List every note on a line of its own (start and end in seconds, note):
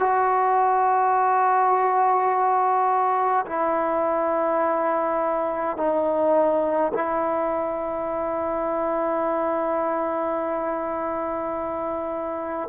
0.00 3.46 F#4
3.47 5.77 E4
5.77 6.93 D#4
6.94 12.69 E4